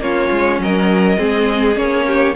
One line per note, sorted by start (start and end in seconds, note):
0.00 0.29 A#3
0.00 1.18 C#4
0.00 0.61 F4
0.00 0.61 C#5
0.31 0.59 G#3
0.59 1.18 F#3
0.59 1.19 A#4
0.59 1.77 D#5
1.18 1.76 G#3
1.18 1.75 C4
1.18 2.06 G#4
1.75 2.34 A#3
1.75 2.33 C#4
1.75 2.36 C#5
2.07 2.36 G4